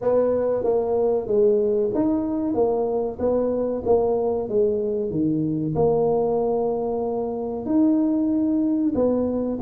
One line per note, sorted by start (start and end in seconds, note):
0.01 0.63 B3
0.63 1.27 A#3
1.27 1.91 G#3
1.94 2.54 D#4
2.54 3.18 A#3
3.19 3.83 B3
3.85 4.48 A#3
4.48 5.10 G#3
5.10 5.74 D#3
5.74 7.65 A#3
7.65 8.93 D#4
8.94 9.58 B3